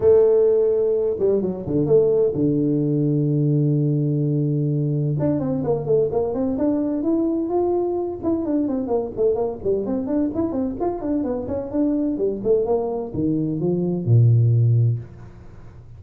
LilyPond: \new Staff \with { instrumentName = "tuba" } { \time 4/4 \tempo 4 = 128 a2~ a8 g8 fis8 d8 | a4 d2.~ | d2. d'8 c'8 | ais8 a8 ais8 c'8 d'4 e'4 |
f'4. e'8 d'8 c'8 ais8 a8 | ais8 g8 c'8 d'8 e'8 c'8 f'8 d'8 | b8 cis'8 d'4 g8 a8 ais4 | dis4 f4 ais,2 | }